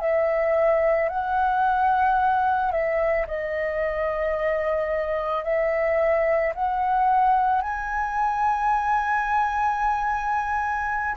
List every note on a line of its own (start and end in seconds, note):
0.00 1.09 E5
1.09 2.72 F#5
2.72 3.27 E5
3.28 5.44 D#5
5.44 6.54 E5
6.55 7.62 F#5
7.62 11.17 G#5